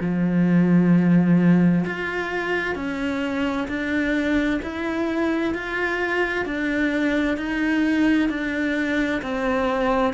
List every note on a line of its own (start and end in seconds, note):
0.00 1.85 F3
1.85 2.75 F4
2.75 3.67 C#4
3.68 4.60 D4
4.62 5.54 E4
5.54 6.45 F4
6.45 7.37 D4
7.37 8.29 D#4
8.29 9.21 D4
9.21 10.13 C4